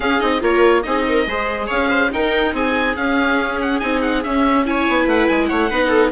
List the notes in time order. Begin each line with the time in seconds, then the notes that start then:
0.00 C#4 G#4 F5
0.19 C4 D#4 D#5
0.40 A#3 F4 A#4 C#5
0.82 C4 D#4 G#4 D#5
1.08 A#4
1.26 G#3 G#4 C5
1.67 C#4 C#5 F5
1.89 C5
2.10 D#4 A#4 G5
2.53 C4 G#4 G#5
2.96 C#4 F5
3.61 F#5
3.79 C4 D#4 G#5
4.01 F#5
4.23 C#4 E5
4.65 E4 C#5 G#5
4.88 B3
5.03 A3 B4 F#5
5.27 G#3 G#5
5.47 A3 C#5 F#5
5.70 B3 D#4 B4
5.88 A4